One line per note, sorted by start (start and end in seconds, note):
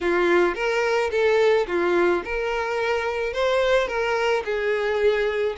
0.00 0.55 F4
0.55 1.10 A#4
1.11 1.66 A4
1.67 2.23 F4
2.24 3.33 A#4
3.33 3.87 C5
3.87 4.43 A#4
4.44 5.56 G#4